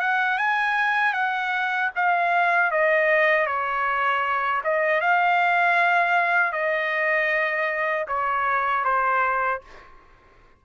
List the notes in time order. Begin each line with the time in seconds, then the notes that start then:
0.00 F#5
0.38 G#5
1.13 F#5
1.95 F5
2.71 D#5
3.47 C#5
4.64 D#5
5.01 F5
6.52 D#5
8.08 C#5
8.84 C5